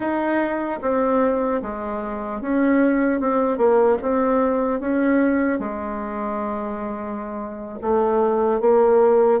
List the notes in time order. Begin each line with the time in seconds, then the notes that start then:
0.00 D#4
0.81 C4
1.61 G#3
2.41 C#4
3.20 C4
3.57 A#3
4.01 C4
4.80 C#4
5.59 G#3
7.81 A3
8.60 A#3